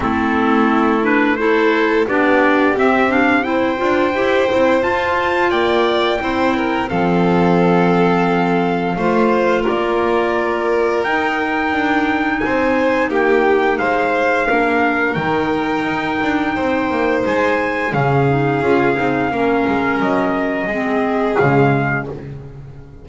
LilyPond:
<<
  \new Staff \with { instrumentName = "trumpet" } { \time 4/4 \tempo 4 = 87 a'4. b'8 c''4 d''4 | e''8 f''8 g''2 a''4 | g''2 f''2~ | f''2 d''2 |
g''2 gis''4 g''4 | f''2 g''2~ | g''4 gis''4 f''2~ | f''4 dis''2 f''4 | }
  \new Staff \with { instrumentName = "violin" } { \time 4/4 e'2 a'4 g'4~ | g'4 c''2. | d''4 c''8 ais'8 a'2~ | a'4 c''4 ais'2~ |
ais'2 c''4 g'4 | c''4 ais'2. | c''2 gis'2 | ais'2 gis'2 | }
  \new Staff \with { instrumentName = "clarinet" } { \time 4/4 c'4. d'8 e'4 d'4 | c'8 d'8 e'8 f'8 g'8 e'8 f'4~ | f'4 e'4 c'2~ | c'4 f'2. |
dis'1~ | dis'4 d'4 dis'2~ | dis'2 cis'8 dis'8 f'8 dis'8 | cis'2 c'4 gis4 | }
  \new Staff \with { instrumentName = "double bass" } { \time 4/4 a2. b4 | c'4. d'8 e'8 c'8 f'4 | ais4 c'4 f2~ | f4 a4 ais2 |
dis'4 d'4 c'4 ais4 | gis4 ais4 dis4 dis'8 d'8 | c'8 ais8 gis4 cis4 cis'8 c'8 | ais8 gis8 fis4 gis4 cis4 | }
>>